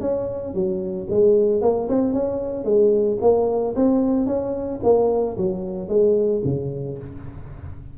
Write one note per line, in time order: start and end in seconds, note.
0.00 0.54 C#4
0.54 1.07 F#3
1.09 1.61 G#3
1.61 1.88 A#3
1.89 2.13 C4
2.13 2.64 C#4
2.64 3.18 G#3
3.21 3.75 A#3
3.75 4.26 C4
4.26 4.80 C#4
4.83 5.36 A#3
5.37 5.88 F#3
5.88 6.42 G#3
6.44 6.98 C#3